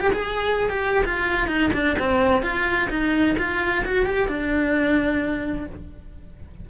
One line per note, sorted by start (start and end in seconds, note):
0.00 0.12 G4
0.13 0.70 G#4
0.70 1.04 G4
1.05 1.48 F4
1.48 1.71 D#4
1.74 1.97 D4
1.99 2.43 C4
2.43 2.89 F4
2.90 3.36 D#4
3.38 3.85 F4
3.85 4.06 F#4
4.06 4.28 G4
4.28 5.67 D4